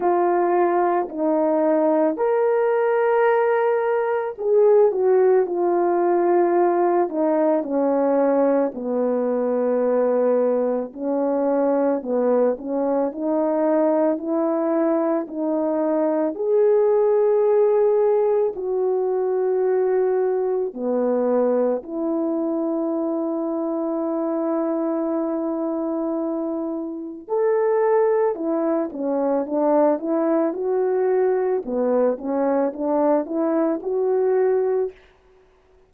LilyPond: \new Staff \with { instrumentName = "horn" } { \time 4/4 \tempo 4 = 55 f'4 dis'4 ais'2 | gis'8 fis'8 f'4. dis'8 cis'4 | b2 cis'4 b8 cis'8 | dis'4 e'4 dis'4 gis'4~ |
gis'4 fis'2 b4 | e'1~ | e'4 a'4 e'8 cis'8 d'8 e'8 | fis'4 b8 cis'8 d'8 e'8 fis'4 | }